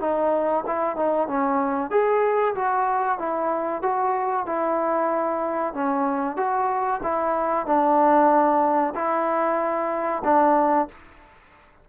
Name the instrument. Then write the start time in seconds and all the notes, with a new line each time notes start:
trombone
0.00 D#4
0.66 E4
0.96 D#4
1.27 C#4
1.90 G#4
2.55 F#4
3.18 E4
3.82 F#4
4.46 E4
5.74 C#4
6.36 F#4
7.03 E4
7.66 D4
8.94 E4
10.24 D4